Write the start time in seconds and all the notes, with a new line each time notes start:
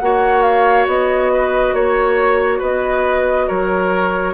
0.00 A#3 F#4 C#5 F#5
0.43 F5
0.87 B3 D#5
1.33 B4
1.73 A#3 C#5
2.59 B3 B4 D#5
3.48 F#3 A#4 C#5